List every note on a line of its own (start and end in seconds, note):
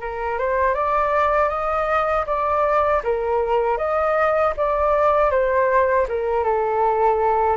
0.00 0.38 A#4
0.38 0.74 C5
0.74 1.49 D5
1.49 2.25 D#5
2.26 3.02 D5
3.03 3.77 A#4
3.77 4.53 D#5
4.56 5.30 D5
5.30 6.06 C5
6.08 6.44 A#4
6.44 7.57 A4